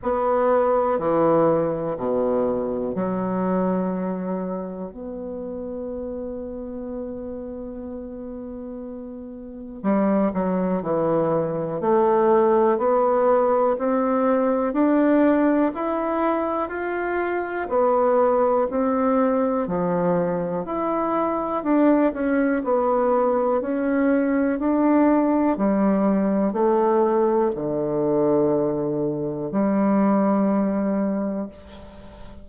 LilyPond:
\new Staff \with { instrumentName = "bassoon" } { \time 4/4 \tempo 4 = 61 b4 e4 b,4 fis4~ | fis4 b2.~ | b2 g8 fis8 e4 | a4 b4 c'4 d'4 |
e'4 f'4 b4 c'4 | f4 e'4 d'8 cis'8 b4 | cis'4 d'4 g4 a4 | d2 g2 | }